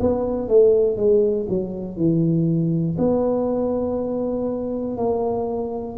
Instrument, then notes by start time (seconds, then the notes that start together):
tuba
0.00 B3
0.48 A3
0.96 G#3
1.49 F#3
1.97 E3
2.98 B3
4.97 A#3